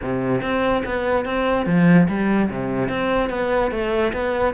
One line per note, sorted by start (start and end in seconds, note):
0.02 0.41 C3
0.41 0.83 C4
0.85 1.25 B3
1.25 1.66 C4
1.66 2.07 F3
2.08 2.49 G3
2.50 2.89 C3
2.89 3.29 C4
3.29 3.71 B3
3.71 4.12 A3
4.13 4.54 B3